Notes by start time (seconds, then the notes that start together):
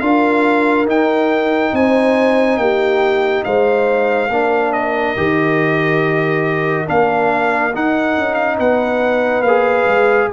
0.00 D4 F4 A#4 F5
0.86 D#4 G5
1.72 C4 C5 G#5
2.57 A#3 G4 G5
3.44 G#3 C5 F5
4.29 A#3 D4 A#4
4.72 D#5
5.16 D#3 G4
6.86 A#3 D4 F5
7.73 D#4 F#5
8.17 C#4
8.34 F5
8.57 B3 B4 F#5
9.41 A#3 G#4 F5
9.86 G#3